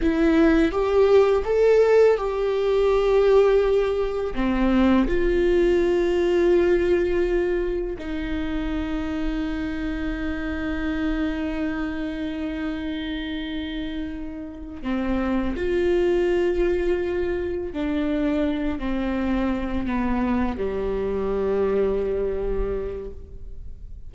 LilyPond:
\new Staff \with { instrumentName = "viola" } { \time 4/4 \tempo 4 = 83 e'4 g'4 a'4 g'4~ | g'2 c'4 f'4~ | f'2. dis'4~ | dis'1~ |
dis'1~ | dis'8 c'4 f'2~ f'8~ | f'8 d'4. c'4. b8~ | b8 g2.~ g8 | }